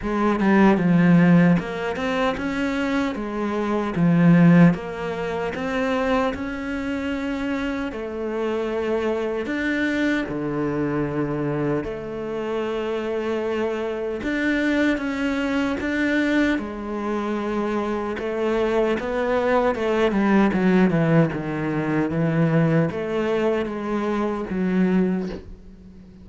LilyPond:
\new Staff \with { instrumentName = "cello" } { \time 4/4 \tempo 4 = 76 gis8 g8 f4 ais8 c'8 cis'4 | gis4 f4 ais4 c'4 | cis'2 a2 | d'4 d2 a4~ |
a2 d'4 cis'4 | d'4 gis2 a4 | b4 a8 g8 fis8 e8 dis4 | e4 a4 gis4 fis4 | }